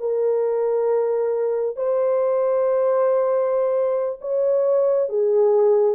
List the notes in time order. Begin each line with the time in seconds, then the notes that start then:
0.00 A#4
1.76 C5
4.21 C#5
5.09 G#4